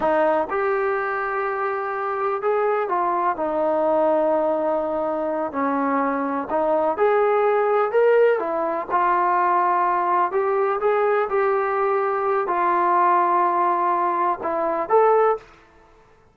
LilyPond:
\new Staff \with { instrumentName = "trombone" } { \time 4/4 \tempo 4 = 125 dis'4 g'2.~ | g'4 gis'4 f'4 dis'4~ | dis'2.~ dis'8 cis'8~ | cis'4. dis'4 gis'4.~ |
gis'8 ais'4 e'4 f'4.~ | f'4. g'4 gis'4 g'8~ | g'2 f'2~ | f'2 e'4 a'4 | }